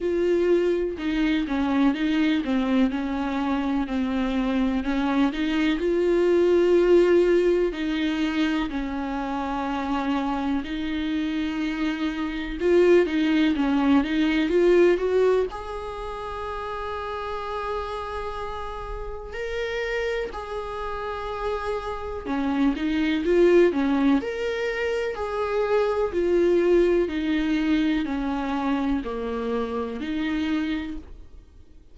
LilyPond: \new Staff \with { instrumentName = "viola" } { \time 4/4 \tempo 4 = 62 f'4 dis'8 cis'8 dis'8 c'8 cis'4 | c'4 cis'8 dis'8 f'2 | dis'4 cis'2 dis'4~ | dis'4 f'8 dis'8 cis'8 dis'8 f'8 fis'8 |
gis'1 | ais'4 gis'2 cis'8 dis'8 | f'8 cis'8 ais'4 gis'4 f'4 | dis'4 cis'4 ais4 dis'4 | }